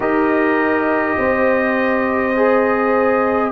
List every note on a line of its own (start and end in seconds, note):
0.00 1.17 D#4
0.00 2.34 G4
0.00 1.16 A#4
0.00 3.52 D#5
1.18 3.52 C4
1.18 3.52 C5
2.36 3.52 G#4